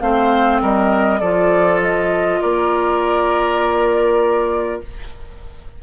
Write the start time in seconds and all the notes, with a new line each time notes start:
0.00 A3 C4 C5 F5
0.61 G3 A#4 D#5
1.20 F3 F4 A4 D5
1.82 D#5
2.41 A#3 A#4 D5